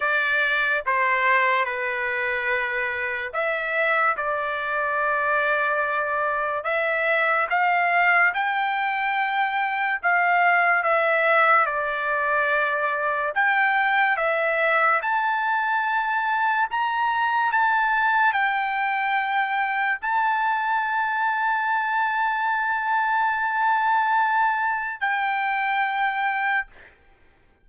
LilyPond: \new Staff \with { instrumentName = "trumpet" } { \time 4/4 \tempo 4 = 72 d''4 c''4 b'2 | e''4 d''2. | e''4 f''4 g''2 | f''4 e''4 d''2 |
g''4 e''4 a''2 | ais''4 a''4 g''2 | a''1~ | a''2 g''2 | }